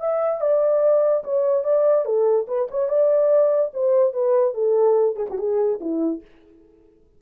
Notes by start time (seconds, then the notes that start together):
0.00 E5
0.41 D5
1.24 C#5
1.64 D5
2.05 A4
2.48 B4
2.71 C#5
2.89 D5
3.74 C5
4.13 B4
4.54 A4
5.16 G#4
5.30 F#4
5.38 G#4
5.80 E4